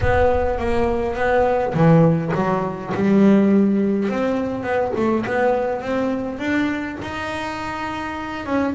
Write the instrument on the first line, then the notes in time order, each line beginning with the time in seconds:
double bass
0.01 B3
0.58 A#3
1.15 B3
1.73 E3
2.34 F#3
2.94 G3
4.08 C4
4.63 B3
4.96 A3
5.26 B3
5.81 C4
6.38 D4
7.01 D#4
8.45 C#4